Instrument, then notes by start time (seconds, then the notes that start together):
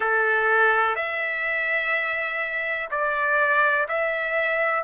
trumpet
0.00 A4
0.95 E5
2.90 D5
3.88 E5